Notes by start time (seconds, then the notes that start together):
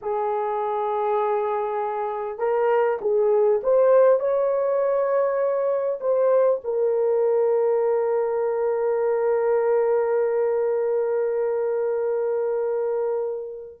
0.01 G#4
2.38 A#4
3.01 G#4
3.63 C5
4.19 C#5
6.00 C5
6.64 A#4